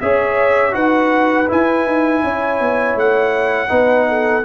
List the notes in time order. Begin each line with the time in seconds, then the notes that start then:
0.00 C#4 G#4 C#5 E5
0.71 D#4 F#4 B4 F#5
1.48 E4 G#5
1.85 D#4
2.23 C#4 C#5
2.60 B3
2.95 A3 F#5
3.68 B3 D#4 B4
4.08 A4